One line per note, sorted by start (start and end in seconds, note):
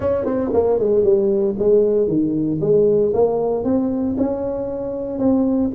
0.00 0.25 C#4
0.25 0.51 C4
0.53 0.79 A#3
0.79 1.03 G#3
1.03 1.55 G3
1.58 2.07 G#3
2.07 2.59 D#3
2.60 3.13 G#3
3.13 3.64 A#3
3.64 4.16 C4
4.17 5.18 C#4
5.18 5.71 C4